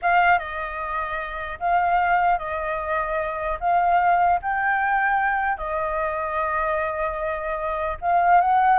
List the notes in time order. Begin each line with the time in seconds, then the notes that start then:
0.02 F5
0.38 D#5
1.59 F5
2.38 D#5
3.60 F5
4.42 G5
5.57 D#5
8.01 F5
8.40 F#5